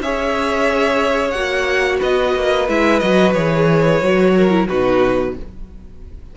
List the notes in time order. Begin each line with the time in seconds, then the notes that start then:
0.00 C#4 G#4 C#5 E5
1.30 A#3 F#4 F#5
1.99 B3 B4 D#5
2.35 A#3
2.68 G#3 E4 E5
2.99 F#3 F#4 D#5
3.33 E3 G#4 C#5
4.01 F#3 F#4
4.36 A#4
4.50 E4
4.68 B2 D#4 F#4 B4